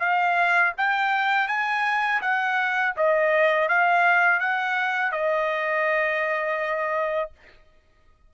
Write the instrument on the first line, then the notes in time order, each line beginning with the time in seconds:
trumpet
0.00 F5
0.78 G5
1.48 G#5
2.22 F#5
2.97 D#5
3.69 F5
4.40 F#5
5.12 D#5